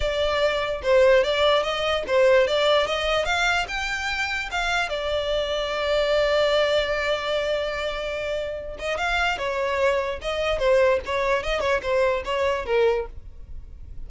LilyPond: \new Staff \with { instrumentName = "violin" } { \time 4/4 \tempo 4 = 147 d''2 c''4 d''4 | dis''4 c''4 d''4 dis''4 | f''4 g''2 f''4 | d''1~ |
d''1~ | d''4. dis''8 f''4 cis''4~ | cis''4 dis''4 c''4 cis''4 | dis''8 cis''8 c''4 cis''4 ais'4 | }